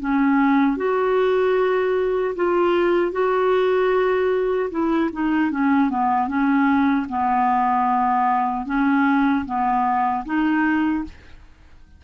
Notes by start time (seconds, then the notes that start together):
0.00 C#4
0.77 F#4
2.35 F4
3.12 F#4
4.71 E4
5.12 D#4
5.51 C#4
5.90 B3
6.28 C#4
7.09 B3
8.66 C#4
9.46 B3
10.25 D#4